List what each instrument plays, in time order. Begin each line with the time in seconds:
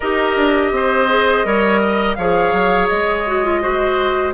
0.00 bassoon D#4, clarinet G4, oboe A#4, flute D#5
0.36 bassoon D4
0.71 bassoon C4, oboe C5
1.08 clarinet G#4
1.44 bassoon G3, clarinet A#4, oboe C#5
1.80 oboe D#5
2.15 bassoon F3, clarinet G#4, oboe C#5, flute F5
2.52 bassoon F#3
2.87 bassoon G#3, flute D#5
3.26 clarinet F#4
3.44 clarinet F4
3.61 clarinet F#4, oboe C5